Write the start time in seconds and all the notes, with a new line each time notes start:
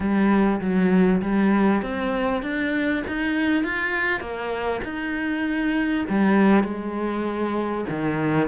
0.00 G3
0.60 F#3
1.21 G3
1.82 C4
2.42 D4
3.07 D#4
3.64 F4
4.20 A#3
4.84 D#4
6.09 G3
6.63 G#3
7.89 D#3